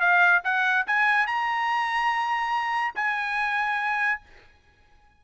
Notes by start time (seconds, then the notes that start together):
0.00 F5
0.44 F#5
0.87 G#5
1.27 A#5
2.95 G#5